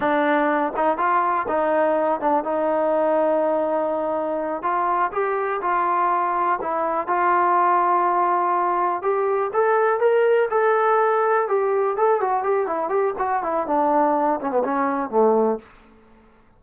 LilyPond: \new Staff \with { instrumentName = "trombone" } { \time 4/4 \tempo 4 = 123 d'4. dis'8 f'4 dis'4~ | dis'8 d'8 dis'2.~ | dis'4. f'4 g'4 f'8~ | f'4. e'4 f'4.~ |
f'2~ f'8 g'4 a'8~ | a'8 ais'4 a'2 g'8~ | g'8 a'8 fis'8 g'8 e'8 g'8 fis'8 e'8 | d'4. cis'16 b16 cis'4 a4 | }